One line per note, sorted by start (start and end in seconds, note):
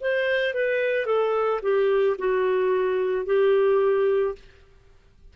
0.00 0.54 C5
0.54 1.06 B4
1.06 1.60 A4
1.62 2.16 G4
2.18 3.25 F#4
3.25 4.34 G4